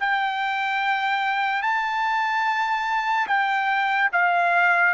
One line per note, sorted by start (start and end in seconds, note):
0.00 1.63 G5
1.63 3.27 A5
3.27 4.09 G5
4.12 4.94 F5